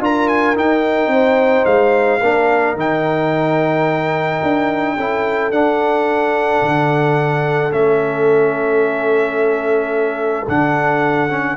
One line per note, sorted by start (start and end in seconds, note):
0.00 0.55 D4
0.00 0.55 F4
0.00 1.13 A#4
0.00 0.28 A#5
0.28 0.56 G#5
0.55 2.21 D#4
0.55 1.07 D#4
0.55 1.65 G5
1.07 1.62 C4
1.07 2.20 C5
1.65 2.21 G#3
1.65 2.76 F5
2.20 2.76 A#3
2.20 2.77 D4
2.20 4.95 A#4
2.76 4.41 D#3
2.76 4.97 D#4
2.76 5.52 G5
4.43 4.98 D4
4.97 5.51 C#4
4.97 5.52 E4
4.97 11.57 A4
5.51 6.61 D4
5.51 7.71 D4
5.51 7.72 F#5
6.62 7.72 D3
7.71 10.48 A3
7.71 10.46 C#4
7.71 10.48 E5
10.48 11.57 D3
10.48 11.30 D4
10.48 11.57 F#5
11.30 11.57 C#4